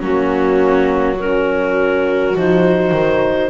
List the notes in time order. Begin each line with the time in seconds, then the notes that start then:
0.00 F#3 A#3 C#4 F#4
1.15 C#4 F#4 A#4
2.34 F3 D#4 C5
2.92 D#3